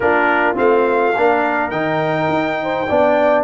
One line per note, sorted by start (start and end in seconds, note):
0.00 0.58 A#3
0.00 0.55 D4
0.00 1.17 F4
0.00 0.56 A#4
0.55 1.16 A3
0.55 1.12 C4
0.55 1.70 F5
1.16 1.71 A#3
1.16 1.71 D4
1.16 2.61 A#4
1.70 2.28 D#3
1.70 2.87 D#4
1.70 3.43 G5
2.28 2.86 D#4
2.62 2.89 C5
2.89 3.43 B3
2.89 3.43 D4
2.89 3.43 D5